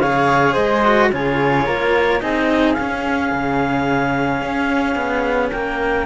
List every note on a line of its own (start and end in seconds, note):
0.00 0.56 C#3
0.00 0.85 G#4
0.00 0.53 C#5
0.00 0.55 F5
0.53 1.12 G#3
0.53 1.08 C5
0.53 1.10 D#5
0.85 1.12 F#4
1.13 1.67 C#3
1.13 2.20 F4
1.13 1.66 G#4
1.13 2.23 C#5
1.66 2.22 A#3
1.66 2.21 A#4
2.20 2.78 C4
2.20 2.75 D#4
2.20 5.51 G#4
2.20 2.73 D#5
2.73 6.06 C#4
2.73 5.48 F5
2.80 3.32 C#4
3.32 4.42 C#3
4.42 4.96 C#4
4.96 5.51 B3
5.51 6.06 A#3
5.51 6.06 A#4
5.51 6.06 G5